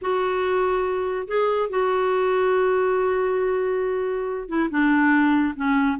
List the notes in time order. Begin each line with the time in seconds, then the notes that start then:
0.01 F#4
1.27 G#4
1.69 F#4
4.48 E4
4.70 D4
5.55 C#4